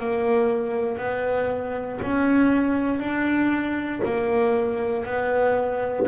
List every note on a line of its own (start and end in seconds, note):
0.00 0.98 A#3
0.98 2.00 B3
2.02 3.00 C#4
3.00 4.02 D4
4.05 5.06 A#3
5.06 6.07 B3